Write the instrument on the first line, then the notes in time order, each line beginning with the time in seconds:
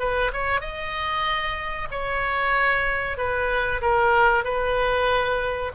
oboe
0.00 B4
0.33 C#5
0.61 D#5
1.91 C#5
3.18 B4
3.82 A#4
4.45 B4